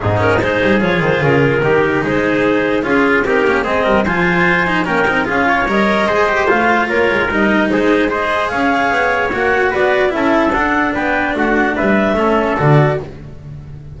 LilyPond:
<<
  \new Staff \with { instrumentName = "clarinet" } { \time 4/4 \tempo 4 = 148 gis'8 ais'8 c''4 cis''8 c''8 ais'4~ | ais'4 c''2 gis'4 | ais'4 dis''4 gis''2 | g''4 f''4 dis''2 |
f''4 cis''4 dis''4 c''4 | dis''4 f''2 fis''4 | d''4 e''4 fis''4 g''4 | fis''4 e''2 d''4 | }
  \new Staff \with { instrumentName = "trumpet" } { \time 4/4 dis'4 gis'2. | g'4 gis'2 f'4 | g'4 gis'8 ais'8 c''2 | ais'4 gis'8 cis''4. c''4~ |
c''4 ais'2 gis'4 | c''4 cis''2. | b'4 a'2 b'4 | fis'4 b'4 a'2 | }
  \new Staff \with { instrumentName = "cello" } { \time 4/4 c'8 cis'8 dis'4 f'2 | dis'2. f'4 | dis'8 cis'8 c'4 f'4. dis'8 | cis'8 dis'8 f'4 ais'4 gis'8 g'8 |
f'2 dis'2 | gis'2. fis'4~ | fis'4 e'4 d'2~ | d'2 cis'4 fis'4 | }
  \new Staff \with { instrumentName = "double bass" } { \time 4/4 gis,4 gis8 g8 f8 dis8 cis4 | dis4 gis2 cis'4 | c'8 ais8 gis8 g8 f2 | ais8 c'8 cis'4 g4 gis4 |
a4 ais8 gis8 g4 gis4~ | gis4 cis'4 b4 ais4 | b4 cis'4 d'4 b4 | a4 g4 a4 d4 | }
>>